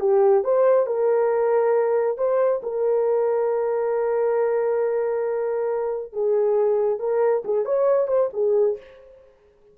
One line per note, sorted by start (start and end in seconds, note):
0.00 0.44 G4
0.44 0.86 C5
0.86 2.18 A#4
2.18 2.61 C5
2.63 6.13 A#4
6.13 6.99 G#4
6.99 7.43 A#4
7.45 7.65 G#4
7.65 8.08 C#5
8.08 8.30 C5
8.33 8.77 G#4